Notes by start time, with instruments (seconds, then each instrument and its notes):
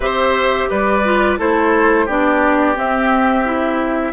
0.00 bassoon C4, clarinet G4, oboe C5, flute E5
0.69 bassoon G3, oboe B4, flute D5
1.04 clarinet F4
1.38 bassoon A3, clarinet E4, oboe A4, flute C5
2.05 bassoon B3, clarinet D4, oboe G4, flute D5
2.74 clarinet C4, bassoon C4, flute E5
3.44 clarinet E4